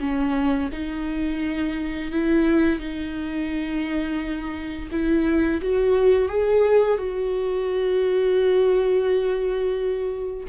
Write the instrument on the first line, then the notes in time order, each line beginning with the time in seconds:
viola
0.00 C#4
0.72 D#4
2.12 E4
2.80 D#4
4.92 E4
5.62 F#4
6.29 G#4
6.98 F#4